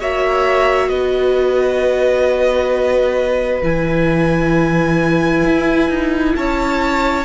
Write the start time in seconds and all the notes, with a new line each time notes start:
0.00 A#3 F#4 C#5 E5
0.89 B3 B4 D#5
3.62 E3 E4 G#5
5.46 E4
5.89 D#4
6.36 C#4 C#5 A5